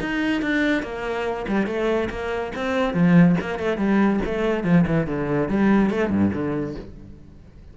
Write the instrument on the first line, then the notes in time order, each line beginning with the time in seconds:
cello
0.00 D#4
0.42 D4
0.83 A#3
1.48 G3
1.67 A3
2.10 A#3
2.55 C4
2.94 F3
3.41 A#3
3.59 A3
3.77 G3
4.25 A3
4.64 F3
4.87 E3
5.07 D3
5.49 G3
5.90 A3
6.10 G2
6.33 D3